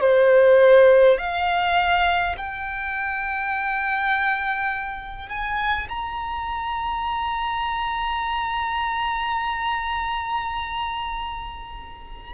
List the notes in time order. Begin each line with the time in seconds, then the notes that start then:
0.00 C5
1.18 F5
2.37 G5
5.29 G#5
5.88 A#5